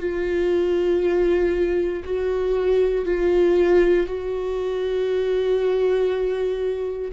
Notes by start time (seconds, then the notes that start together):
0.00 F4
2.04 F#4
3.06 F4
4.07 F#4